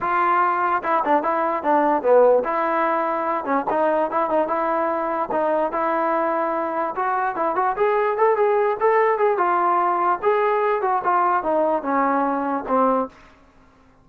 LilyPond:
\new Staff \with { instrumentName = "trombone" } { \time 4/4 \tempo 4 = 147 f'2 e'8 d'8 e'4 | d'4 b4 e'2~ | e'8 cis'8 dis'4 e'8 dis'8 e'4~ | e'4 dis'4 e'2~ |
e'4 fis'4 e'8 fis'8 gis'4 | a'8 gis'4 a'4 gis'8 f'4~ | f'4 gis'4. fis'8 f'4 | dis'4 cis'2 c'4 | }